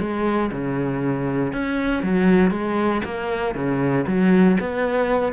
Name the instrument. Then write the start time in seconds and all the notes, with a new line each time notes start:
cello
0.00 G#3
0.52 C#3
1.53 C#4
2.03 F#3
2.51 G#3
3.05 A#3
3.55 C#3
4.07 F#3
4.60 B3